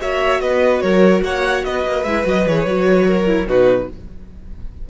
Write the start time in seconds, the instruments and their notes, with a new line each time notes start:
0.00 cello A#3, viola F#4, violin C#5 E5
0.41 cello B3, violin B4 D#5
0.81 cello F#3, violin A#4 C#5
1.23 cello A#3, violin C#5 F#5
1.64 cello B3, violin B4 D#5
1.85 cello A#3
2.04 cello G#3, viola E4, violin E5
2.23 cello F#3, viola F#4, violin D#5
2.46 cello E3, viola G#4, violin C#5
2.65 cello F#3, viola F#4
3.07 violin A#4
3.27 viola E4
3.48 cello B2, viola D#4, violin F#4 B4